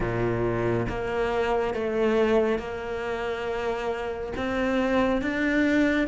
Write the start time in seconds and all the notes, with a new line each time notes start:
0.00 A#2
0.88 A#3
1.74 A3
2.58 A#3
4.36 C4
5.21 D4